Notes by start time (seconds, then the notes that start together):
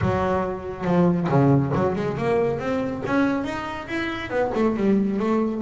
0.01 F#3
0.84 F3
1.29 C#3
1.74 F#3
1.95 G#3
2.17 A#3
2.59 C4
3.05 C#4
3.44 D#4
3.87 E4
4.30 B3
4.54 A3
4.76 G3
5.19 A3